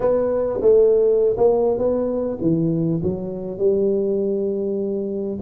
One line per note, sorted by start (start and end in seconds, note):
0.00 0.59 B3
0.61 1.36 A3
1.37 1.78 A#3
1.78 2.38 B3
2.41 3.01 E3
3.02 3.58 F#3
3.58 5.38 G3